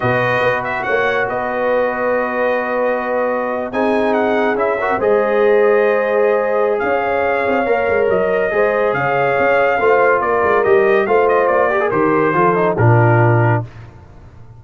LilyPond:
<<
  \new Staff \with { instrumentName = "trumpet" } { \time 4/4 \tempo 4 = 141 dis''4. e''8 fis''4 dis''4~ | dis''1~ | dis''8. gis''4 fis''4 e''4 dis''16~ | dis''1 |
f''2. dis''4~ | dis''4 f''2. | d''4 dis''4 f''8 dis''8 d''4 | c''2 ais'2 | }
  \new Staff \with { instrumentName = "horn" } { \time 4/4 b'2 cis''4 b'4~ | b'1~ | b'8. gis'2~ gis'8 ais'8 c''16~ | c''1 |
cis''1 | c''4 cis''2 c''4 | ais'2 c''4. ais'8~ | ais'4 a'4 f'2 | }
  \new Staff \with { instrumentName = "trombone" } { \time 4/4 fis'1~ | fis'1~ | fis'8. dis'2 e'8 fis'8 gis'16~ | gis'1~ |
gis'2 ais'2 | gis'2. f'4~ | f'4 g'4 f'4. g'16 gis'16 | g'4 f'8 dis'8 d'2 | }
  \new Staff \with { instrumentName = "tuba" } { \time 4/4 b,4 b4 ais4 b4~ | b1~ | b8. c'2 cis'4 gis16~ | gis1 |
cis'4. c'8 ais8 gis8 fis4 | gis4 cis4 cis'4 a4 | ais8 gis8 g4 a4 ais4 | dis4 f4 ais,2 | }
>>